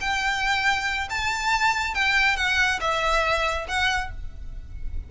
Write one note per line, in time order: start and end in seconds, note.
0.00 1.08 G5
1.09 1.94 A5
1.94 2.36 G5
2.36 2.79 F#5
2.80 3.66 E5
3.67 4.11 F#5